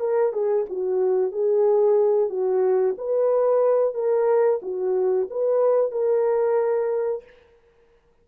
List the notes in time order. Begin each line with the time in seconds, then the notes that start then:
0.00 A#4
0.32 G#4
0.69 F#4
1.32 G#4
2.29 F#4
2.98 B4
3.94 A#4
4.62 F#4
5.30 B4
5.91 A#4